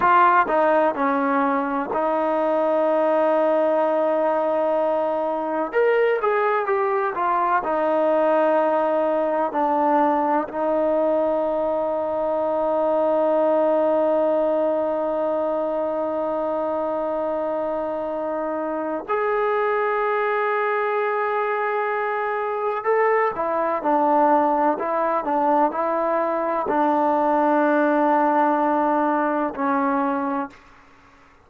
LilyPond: \new Staff \with { instrumentName = "trombone" } { \time 4/4 \tempo 4 = 63 f'8 dis'8 cis'4 dis'2~ | dis'2 ais'8 gis'8 g'8 f'8 | dis'2 d'4 dis'4~ | dis'1~ |
dis'1 | gis'1 | a'8 e'8 d'4 e'8 d'8 e'4 | d'2. cis'4 | }